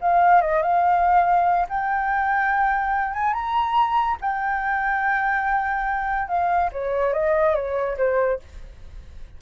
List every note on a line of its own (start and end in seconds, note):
0.00 0.41 F5
0.41 0.62 D#5
0.62 1.66 F5
1.68 3.13 G5
3.13 3.33 G#5
3.33 4.17 A#5
4.21 6.28 G5
6.28 6.70 F5
6.72 7.13 C#5
7.13 7.55 D#5
7.55 7.97 C#5
7.97 8.39 C5